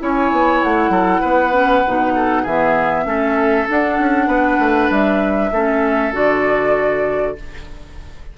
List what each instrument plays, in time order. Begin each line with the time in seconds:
0.00 bassoon C#4, clarinet E4, oboe C#5, flute G#5
0.32 bassoon B3
0.63 bassoon A3, flute F#5
0.89 bassoon F#3, oboe A4
1.21 bassoon B3, oboe B4
1.52 clarinet C#4
1.87 bassoon B2, clarinet D#4
2.15 oboe A4
2.42 bassoon E3, clarinet B3, oboe G#4, flute E5
3.05 bassoon A3, clarinet C#4, oboe A4
3.68 clarinet D4, bassoon D4, flute F#5
3.99 bassoon C#4
4.27 bassoon B3, oboe B4
4.59 bassoon A3
4.90 bassoon G3, flute E5
5.52 bassoon A3, clarinet C#4, oboe A4
6.12 bassoon D3, clarinet F#4, flute D5